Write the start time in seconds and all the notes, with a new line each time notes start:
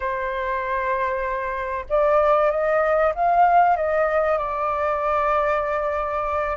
0.00 C5
1.89 D5
2.50 D#5
3.14 F5
3.76 D#5
4.38 D5